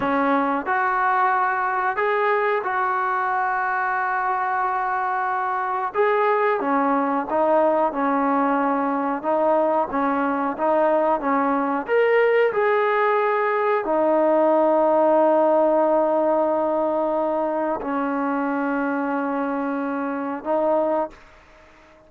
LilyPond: \new Staff \with { instrumentName = "trombone" } { \time 4/4 \tempo 4 = 91 cis'4 fis'2 gis'4 | fis'1~ | fis'4 gis'4 cis'4 dis'4 | cis'2 dis'4 cis'4 |
dis'4 cis'4 ais'4 gis'4~ | gis'4 dis'2.~ | dis'2. cis'4~ | cis'2. dis'4 | }